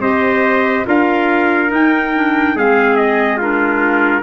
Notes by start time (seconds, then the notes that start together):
0.00 C4 G4 C5 D#5
0.86 D4 F4 A#4 F5
1.69 D#4 G5
2.15 D4
2.55 G#3 C4 G#4 F5
2.96 D#5
3.37 D4 F4 A#4